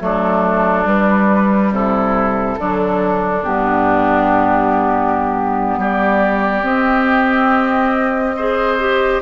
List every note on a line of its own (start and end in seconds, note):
0.00 0.86 F#3
0.00 0.85 A3
0.00 1.74 D4
0.00 0.87 A4
0.85 2.56 G3
0.85 1.71 G3
0.85 1.73 B4
1.71 2.57 C3
1.71 2.59 E4
1.71 3.44 A4
2.59 3.44 D3
2.59 3.43 F#3
2.59 5.79 D4
3.43 5.78 G2
3.43 6.63 B3
3.43 5.80 G4
5.78 6.63 G3
5.78 8.36 G4
5.78 6.65 D5
6.63 8.34 C4
6.63 9.20 C4
6.63 9.22 D#5
8.37 8.80 G#4
8.37 9.22 C5
8.80 9.22 G4